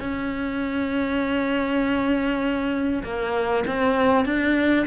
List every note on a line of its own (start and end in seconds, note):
0.00 3.03 C#4
3.04 3.64 A#3
3.67 4.25 C4
4.25 4.86 D4